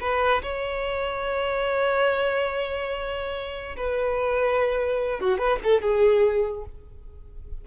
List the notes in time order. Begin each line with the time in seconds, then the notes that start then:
0.00 B4
0.42 C#5
3.76 B4
5.20 F#4
5.38 B4
5.63 A4
5.81 G#4